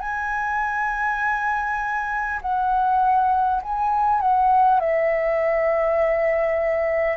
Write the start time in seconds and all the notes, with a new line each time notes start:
0.00 G#5
2.41 F#5
3.62 G#5
4.20 F#5
4.79 E5